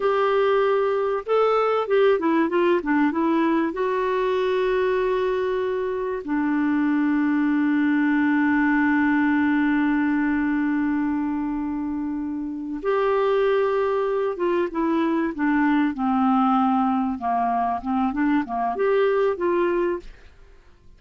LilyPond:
\new Staff \with { instrumentName = "clarinet" } { \time 4/4 \tempo 4 = 96 g'2 a'4 g'8 e'8 | f'8 d'8 e'4 fis'2~ | fis'2 d'2~ | d'1~ |
d'1~ | d'8 g'2~ g'8 f'8 e'8~ | e'8 d'4 c'2 ais8~ | ais8 c'8 d'8 ais8 g'4 f'4 | }